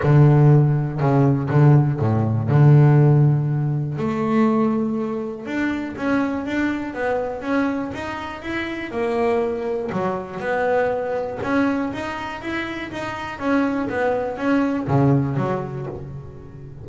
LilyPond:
\new Staff \with { instrumentName = "double bass" } { \time 4/4 \tempo 4 = 121 d2 cis4 d4 | a,4 d2. | a2. d'4 | cis'4 d'4 b4 cis'4 |
dis'4 e'4 ais2 | fis4 b2 cis'4 | dis'4 e'4 dis'4 cis'4 | b4 cis'4 cis4 fis4 | }